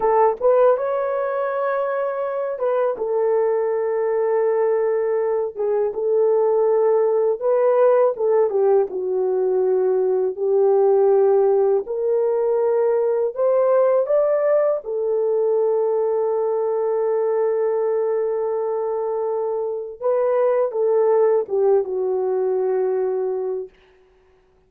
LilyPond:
\new Staff \with { instrumentName = "horn" } { \time 4/4 \tempo 4 = 81 a'8 b'8 cis''2~ cis''8 b'8 | a'2.~ a'8 gis'8 | a'2 b'4 a'8 g'8 | fis'2 g'2 |
ais'2 c''4 d''4 | a'1~ | a'2. b'4 | a'4 g'8 fis'2~ fis'8 | }